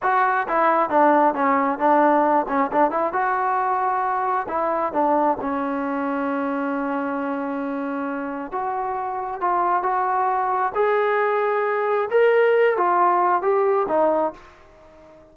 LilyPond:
\new Staff \with { instrumentName = "trombone" } { \time 4/4 \tempo 4 = 134 fis'4 e'4 d'4 cis'4 | d'4. cis'8 d'8 e'8 fis'4~ | fis'2 e'4 d'4 | cis'1~ |
cis'2. fis'4~ | fis'4 f'4 fis'2 | gis'2. ais'4~ | ais'8 f'4. g'4 dis'4 | }